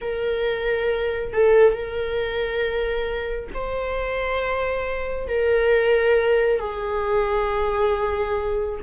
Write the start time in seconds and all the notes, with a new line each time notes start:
0.01 A#4
1.33 A4
1.72 A#4
3.53 C5
5.28 A#4
6.59 G#4